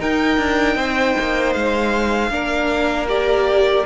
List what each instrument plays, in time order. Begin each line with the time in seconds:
0.00 cello D#4, viola D#4, violin A#4 G5
0.38 cello D4
0.76 cello C4, violin C5
1.19 cello A#3
1.53 cello G#3, violin F5
2.30 cello A#3, viola D4, violin A#4
3.09 viola G4, violin D5